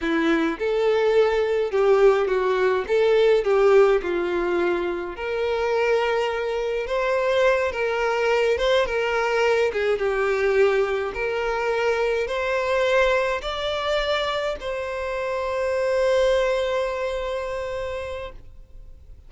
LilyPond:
\new Staff \with { instrumentName = "violin" } { \time 4/4 \tempo 4 = 105 e'4 a'2 g'4 | fis'4 a'4 g'4 f'4~ | f'4 ais'2. | c''4. ais'4. c''8 ais'8~ |
ais'4 gis'8 g'2 ais'8~ | ais'4. c''2 d''8~ | d''4. c''2~ c''8~ | c''1 | }